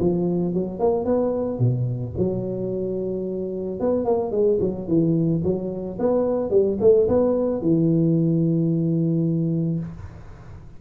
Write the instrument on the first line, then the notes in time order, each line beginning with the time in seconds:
tuba
0.00 F3
0.54 F#3
0.80 A#3
1.05 B3
1.59 B2
2.18 F#3
3.80 B3
4.05 A#3
4.31 G#3
4.61 F#3
4.88 E3
5.44 F#3
5.99 B3
6.51 G3
6.81 A3
7.08 B3
7.61 E3